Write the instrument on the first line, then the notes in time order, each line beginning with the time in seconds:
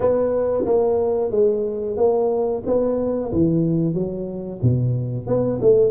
tuba
0.00 B3
0.65 A#3
1.30 G#3
1.96 A#3
2.66 B3
3.32 E3
3.94 F#3
4.62 B2
5.26 B3
5.61 A3